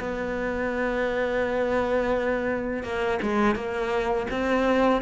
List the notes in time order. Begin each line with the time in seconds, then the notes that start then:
0.00 B3
2.83 A#3
3.22 G#3
3.55 A#3
4.31 C4